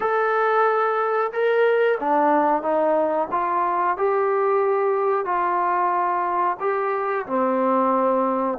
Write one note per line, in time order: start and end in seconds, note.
0.00 1.32 A4
1.32 1.98 A#4
1.99 2.62 D4
2.62 3.28 D#4
3.31 3.97 F4
3.97 5.25 G4
5.25 6.57 F4
6.60 7.26 G4
7.26 8.58 C4